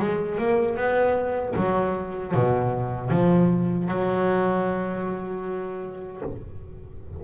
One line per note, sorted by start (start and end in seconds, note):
0.00 0.39 G#3
0.39 0.77 A#3
0.77 1.55 B3
1.57 2.34 F#3
2.34 3.11 B2
3.11 3.89 F3
3.89 6.23 F#3